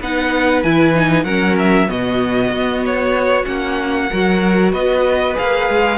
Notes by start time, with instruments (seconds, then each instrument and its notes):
0.00 cello B3, viola D#4, violin B4 F#5
0.62 cello E3, viola E4, violin G#5
0.94 viola D#4
1.24 cello F#3, viola C#4, violin A#4 F#5
1.58 violin E5
1.88 cello B2, viola B3, violin F#4 D#5
2.51 cello B3
2.85 violin C#5
3.45 cello A#3, viola C#4, violin F#5
4.09 cello F#3, viola F#4, violin A#4
4.72 cello B3, violin B4 D#5
5.34 cello A#3, viola G#4, violin F5
5.69 cello G#3